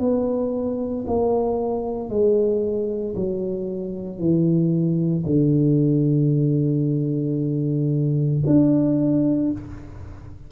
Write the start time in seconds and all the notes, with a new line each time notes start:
0.00 B3
1.08 A#3
2.10 G#3
3.16 F#3
4.19 E3
5.26 D3
8.46 D4